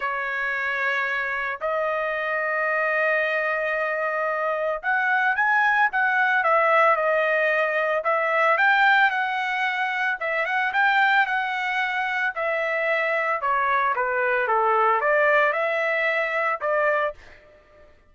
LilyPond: \new Staff \with { instrumentName = "trumpet" } { \time 4/4 \tempo 4 = 112 cis''2. dis''4~ | dis''1~ | dis''4 fis''4 gis''4 fis''4 | e''4 dis''2 e''4 |
g''4 fis''2 e''8 fis''8 | g''4 fis''2 e''4~ | e''4 cis''4 b'4 a'4 | d''4 e''2 d''4 | }